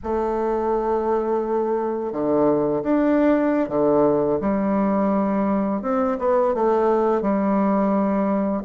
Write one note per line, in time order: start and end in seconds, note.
0.03 2.12 A3
2.12 2.82 D3
2.83 3.68 D4
3.68 4.39 D3
4.41 5.82 G3
5.82 6.17 C4
6.19 6.54 B3
6.54 7.21 A3
7.21 8.62 G3